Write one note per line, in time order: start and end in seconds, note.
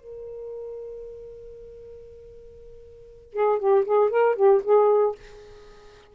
0.00 3.33 A#4
3.33 3.59 G#4
3.59 3.85 G4
3.85 4.10 G#4
4.10 4.36 A#4
4.36 4.62 G4
4.64 5.15 G#4